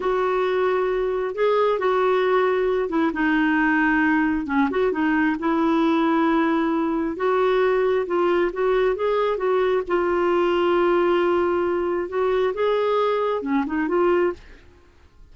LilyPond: \new Staff \with { instrumentName = "clarinet" } { \time 4/4 \tempo 4 = 134 fis'2. gis'4 | fis'2~ fis'8 e'8 dis'4~ | dis'2 cis'8 fis'8 dis'4 | e'1 |
fis'2 f'4 fis'4 | gis'4 fis'4 f'2~ | f'2. fis'4 | gis'2 cis'8 dis'8 f'4 | }